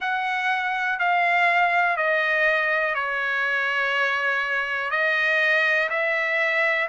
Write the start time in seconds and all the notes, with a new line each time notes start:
0.00 F#5
0.99 F5
1.97 D#5
2.94 C#5
4.90 D#5
5.89 E5